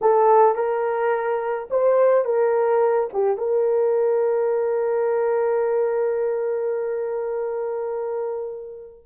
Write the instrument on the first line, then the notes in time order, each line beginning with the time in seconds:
horn
0.01 A4
0.55 A#4
1.70 C5
2.24 A#4
3.13 G4
3.37 A#4